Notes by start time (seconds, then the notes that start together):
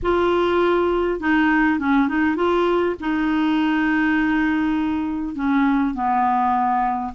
0.02 F4
1.20 D#4
1.79 C#4
2.08 D#4
2.36 F4
3.00 D#4
5.35 C#4
5.94 B3